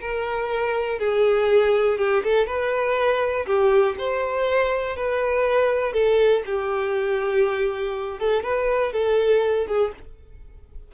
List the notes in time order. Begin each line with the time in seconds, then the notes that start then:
0.00 A#4
0.99 G#4
1.98 G4
2.23 A4
2.46 B4
3.46 G4
3.98 C5
4.96 B4
5.93 A4
6.46 G4
8.19 A4
8.43 B4
8.92 A4
9.67 G#4